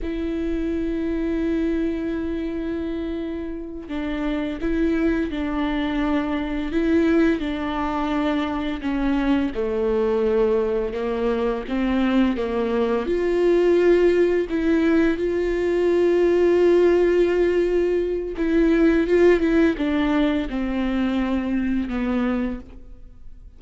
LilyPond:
\new Staff \with { instrumentName = "viola" } { \time 4/4 \tempo 4 = 85 e'1~ | e'4. d'4 e'4 d'8~ | d'4. e'4 d'4.~ | d'8 cis'4 a2 ais8~ |
ais8 c'4 ais4 f'4.~ | f'8 e'4 f'2~ f'8~ | f'2 e'4 f'8 e'8 | d'4 c'2 b4 | }